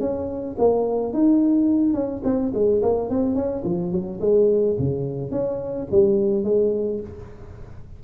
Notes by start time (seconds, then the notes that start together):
0.00 C#4
0.59 A#3
1.13 D#4
1.94 C#4
2.24 C4
2.54 G#3
2.83 A#3
3.10 C4
3.35 C#4
3.65 F3
3.92 F#3
4.21 G#3
4.79 C#3
5.31 C#4
5.91 G3
6.44 G#3